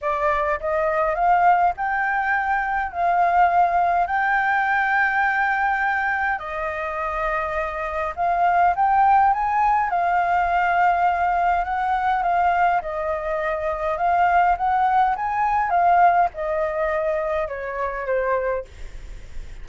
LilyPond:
\new Staff \with { instrumentName = "flute" } { \time 4/4 \tempo 4 = 103 d''4 dis''4 f''4 g''4~ | g''4 f''2 g''4~ | g''2. dis''4~ | dis''2 f''4 g''4 |
gis''4 f''2. | fis''4 f''4 dis''2 | f''4 fis''4 gis''4 f''4 | dis''2 cis''4 c''4 | }